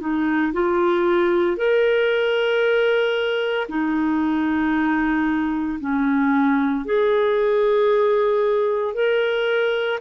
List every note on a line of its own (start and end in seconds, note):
0.00 0.53 D#4
0.53 1.57 F4
1.57 3.67 A#4
3.68 5.79 D#4
5.79 6.85 C#4
6.85 8.94 G#4
8.94 10.00 A#4